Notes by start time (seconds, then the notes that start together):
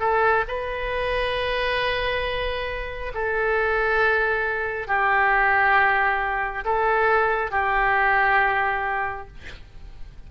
0.00 A4
0.48 B4
3.14 A4
4.88 G4
6.65 A4
7.51 G4